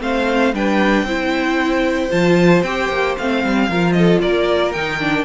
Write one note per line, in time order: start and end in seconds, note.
0.00 0.53 A3
0.00 0.53 C4
0.00 0.54 C5
0.00 0.54 F5
0.53 1.03 G3
0.53 1.07 D4
0.53 1.05 B4
0.53 2.11 G5
1.03 2.08 C4
1.03 2.10 E4
1.03 3.68 C5
2.10 2.62 F3
2.10 2.63 F4
2.10 2.62 A5
2.62 2.88 C4
2.62 3.18 G4
2.62 3.15 G5
2.88 3.15 A#3
3.18 3.45 A3
3.18 3.69 C4
3.18 3.92 F5
3.45 3.69 G3
3.68 4.21 F3
3.68 4.74 F4
3.68 3.94 A#4
3.92 4.21 A4
3.92 4.18 D#5
4.21 4.75 A#3
4.21 5.24 A#4
4.21 4.72 D5
4.72 5.24 D#3
4.72 4.99 D#4
4.72 5.24 G5
4.99 5.24 D4